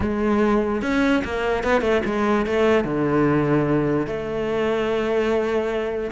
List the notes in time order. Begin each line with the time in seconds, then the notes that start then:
0.00 G#3
0.82 C#4
1.24 A#3
1.63 B3
1.81 A3
2.05 G#3
2.46 A3
2.84 D3
4.06 A3